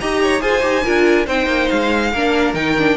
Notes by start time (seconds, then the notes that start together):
0.00 D#4 G4 D#5 A#5
0.22 C#5
0.40 F4 G#4 C5 G#5
0.62 D#4 G4
0.84 D4 F4 A#4
1.26 C4 D#4 C5 G5
1.47 A#3
1.69 G#3 F5
2.12 A#3 D4 A#4
2.54 D#3 D#4 G5
2.78 D4